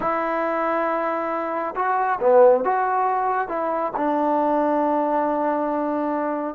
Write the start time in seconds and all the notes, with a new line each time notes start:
0.00 E4
1.75 F#4
2.20 B3
2.64 F#4
3.48 E4
3.96 D4